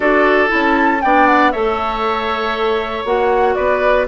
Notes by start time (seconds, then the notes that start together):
0.00 D4 F#4 A4 D5
0.47 C#4 E4 A5
1.01 B3 D4 D5 G5
1.26 F#5
1.51 A3 A4 C#5 E5
3.04 A#3 F#4 F#5
3.54 B3 B4 D5